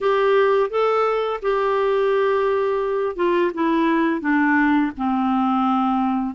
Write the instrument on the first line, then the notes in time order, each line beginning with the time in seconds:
clarinet
0.00 G4
0.70 A4
1.41 G4
3.16 F4
3.54 E4
4.21 D4
4.97 C4